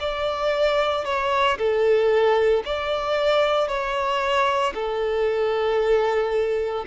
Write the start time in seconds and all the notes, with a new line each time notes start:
0.00 D5
1.05 C#5
1.58 A4
2.65 D5
3.68 C#5
4.75 A4